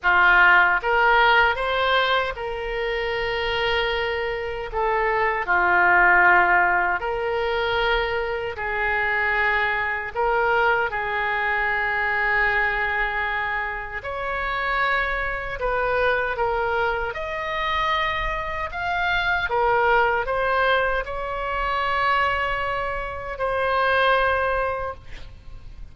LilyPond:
\new Staff \with { instrumentName = "oboe" } { \time 4/4 \tempo 4 = 77 f'4 ais'4 c''4 ais'4~ | ais'2 a'4 f'4~ | f'4 ais'2 gis'4~ | gis'4 ais'4 gis'2~ |
gis'2 cis''2 | b'4 ais'4 dis''2 | f''4 ais'4 c''4 cis''4~ | cis''2 c''2 | }